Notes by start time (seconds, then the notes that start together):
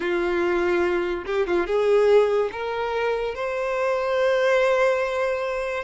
0.00 F4
1.25 G4
1.46 F4
1.66 G#4
2.52 A#4
3.34 C5